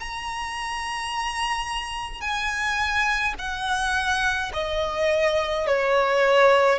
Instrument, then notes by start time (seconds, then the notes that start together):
violin
0.00 A#5
2.21 G#5
3.39 F#5
4.54 D#5
5.67 C#5